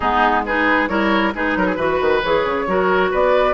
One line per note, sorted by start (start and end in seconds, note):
0.00 0.88 G#3
0.00 0.46 B3
0.00 0.42 D#4
0.00 0.45 G#4
0.45 0.88 D#4
0.45 0.89 G#4
0.45 0.88 B4
0.88 1.33 G3
0.88 1.33 E4
0.88 1.33 A#4
0.88 1.32 C#5
1.34 1.55 G#3
1.34 1.77 D#4
1.34 1.57 G#4
1.34 2.23 B4
1.55 1.76 F#3
1.55 1.66 A#4
1.66 1.75 G#4
1.75 1.99 E3
1.75 2.21 F#4
1.75 2.64 B4
2.00 2.22 D#3
2.23 2.45 E3
2.23 2.67 G#4
2.23 3.12 C#5
2.45 2.67 C#3
2.67 3.11 F#3
2.67 3.53 F#4
2.67 3.11 A#4
3.11 3.53 B3
3.11 3.53 B4
3.11 3.53 D5